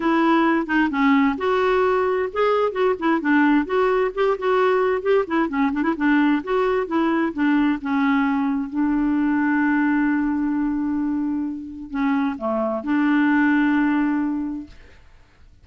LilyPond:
\new Staff \with { instrumentName = "clarinet" } { \time 4/4 \tempo 4 = 131 e'4. dis'8 cis'4 fis'4~ | fis'4 gis'4 fis'8 e'8 d'4 | fis'4 g'8 fis'4. g'8 e'8 | cis'8 d'16 e'16 d'4 fis'4 e'4 |
d'4 cis'2 d'4~ | d'1~ | d'2 cis'4 a4 | d'1 | }